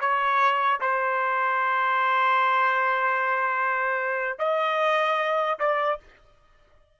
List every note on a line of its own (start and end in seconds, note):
0.00 0.80 C#5
0.81 4.38 C5
4.38 5.58 D#5
5.59 5.99 D5